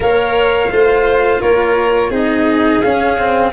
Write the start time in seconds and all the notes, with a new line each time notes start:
0.00 A#3 A#4 C#5 F5
0.70 A3 F4 C5
1.40 A#3 A#4 C#5
2.09 C4 D#4 G#4 D#5
2.81 C#4 F5
3.18 C4